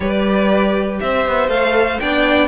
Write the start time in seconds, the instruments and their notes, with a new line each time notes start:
0.00 cello G3, viola G4, violin B4 D5
1.00 cello C4, violin C5 E5
1.27 cello B3
1.48 cello A3, viola A4, violin F5
1.99 cello B3, viola D4, violin D5 G5